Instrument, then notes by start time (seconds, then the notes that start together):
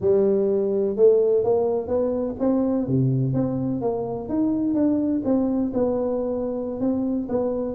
tuba
0.01 G3
0.96 A3
1.44 A#3
1.87 B3
2.39 C4
2.87 C3
3.33 C4
3.81 A#3
4.29 D#4
4.74 D4
5.24 C4
5.73 B3
6.80 C4
7.29 B3